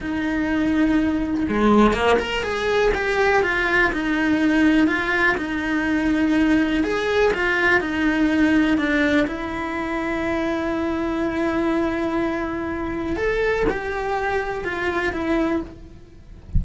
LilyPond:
\new Staff \with { instrumentName = "cello" } { \time 4/4 \tempo 4 = 123 dis'2. gis4 | ais8 ais'8 gis'4 g'4 f'4 | dis'2 f'4 dis'4~ | dis'2 gis'4 f'4 |
dis'2 d'4 e'4~ | e'1~ | e'2. a'4 | g'2 f'4 e'4 | }